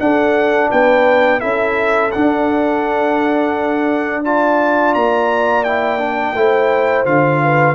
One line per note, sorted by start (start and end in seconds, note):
0.00 0.71 D4
0.00 1.41 D4
0.00 0.70 A4
0.00 0.71 F#5
0.70 1.43 B3
0.70 1.40 B4
0.70 1.41 G5
1.40 2.14 C#4
1.40 2.11 E4
1.40 4.22 A4
1.40 2.11 E5
2.12 4.25 D4
2.12 4.96 D4
2.12 4.24 F#5
4.25 5.66 F4
4.25 6.37 D5
4.25 4.95 A5
4.95 6.35 A#3
4.95 5.64 A#5
5.64 5.99 E4
5.64 7.05 G5
5.99 6.34 D4
6.35 7.06 A3
6.35 7.06 E4
6.35 7.43 C5
7.06 7.76 D3
7.06 7.76 F4
7.06 7.76 F5
7.43 7.76 B4